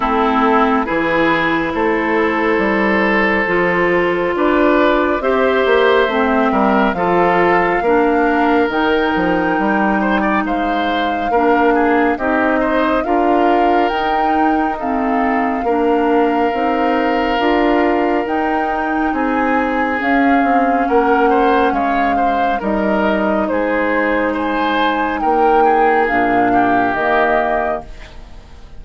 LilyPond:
<<
  \new Staff \with { instrumentName = "flute" } { \time 4/4 \tempo 4 = 69 a'4 b'4 c''2~ | c''4 d''4 e''2 | f''2 g''2 | f''2 dis''4 f''4 |
g''4 f''2.~ | f''4 g''4 gis''4 f''4 | fis''4 f''4 dis''4 c''4 | gis''4 g''4 f''4 dis''4 | }
  \new Staff \with { instrumentName = "oboe" } { \time 4/4 e'4 gis'4 a'2~ | a'4 b'4 c''4. ais'8 | a'4 ais'2~ ais'8 c''16 d''16 | c''4 ais'8 gis'8 g'8 c''8 ais'4~ |
ais'4 a'4 ais'2~ | ais'2 gis'2 | ais'8 c''8 cis''8 c''8 ais'4 gis'4 | c''4 ais'8 gis'4 g'4. | }
  \new Staff \with { instrumentName = "clarinet" } { \time 4/4 c'4 e'2. | f'2 g'4 c'4 | f'4 d'4 dis'2~ | dis'4 d'4 dis'4 f'4 |
dis'4 c'4 d'4 dis'4 | f'4 dis'2 cis'4~ | cis'2 dis'2~ | dis'2 d'4 ais4 | }
  \new Staff \with { instrumentName = "bassoon" } { \time 4/4 a4 e4 a4 g4 | f4 d'4 c'8 ais8 a8 g8 | f4 ais4 dis8 f8 g4 | gis4 ais4 c'4 d'4 |
dis'2 ais4 c'4 | d'4 dis'4 c'4 cis'8 c'8 | ais4 gis4 g4 gis4~ | gis4 ais4 ais,4 dis4 | }
>>